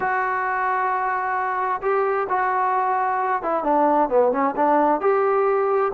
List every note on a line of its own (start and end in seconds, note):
0.00 1.81 F#4
1.82 2.27 G4
2.29 3.42 F#4
3.42 3.63 E4
3.63 4.09 D4
4.09 4.32 B3
4.32 4.54 C#4
4.56 5.01 D4
5.01 5.92 G4